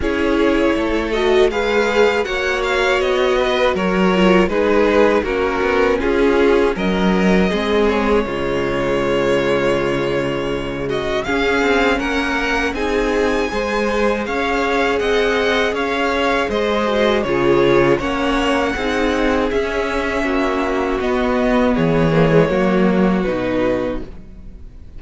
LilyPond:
<<
  \new Staff \with { instrumentName = "violin" } { \time 4/4 \tempo 4 = 80 cis''4. dis''8 f''4 fis''8 f''8 | dis''4 cis''4 b'4 ais'4 | gis'4 dis''4. cis''4.~ | cis''2~ cis''8 dis''8 f''4 |
fis''4 gis''2 f''4 | fis''4 f''4 dis''4 cis''4 | fis''2 e''2 | dis''4 cis''2 b'4 | }
  \new Staff \with { instrumentName = "violin" } { \time 4/4 gis'4 a'4 b'4 cis''4~ | cis''8 b'8 ais'4 gis'4 fis'4 | f'4 ais'4 gis'4 f'4~ | f'2~ f'8 fis'8 gis'4 |
ais'4 gis'4 c''4 cis''4 | dis''4 cis''4 c''4 gis'4 | cis''4 gis'2 fis'4~ | fis'4 gis'4 fis'2 | }
  \new Staff \with { instrumentName = "viola" } { \time 4/4 e'4. fis'8 gis'4 fis'4~ | fis'4. f'8 dis'4 cis'4~ | cis'2 c'4 gis4~ | gis2. cis'4~ |
cis'4 dis'4 gis'2~ | gis'2~ gis'8 fis'8 f'4 | cis'4 dis'4 cis'2 | b4. ais16 gis16 ais4 dis'4 | }
  \new Staff \with { instrumentName = "cello" } { \time 4/4 cis'4 a4 gis4 ais4 | b4 fis4 gis4 ais8 b8 | cis'4 fis4 gis4 cis4~ | cis2. cis'8 c'8 |
ais4 c'4 gis4 cis'4 | c'4 cis'4 gis4 cis4 | ais4 c'4 cis'4 ais4 | b4 e4 fis4 b,4 | }
>>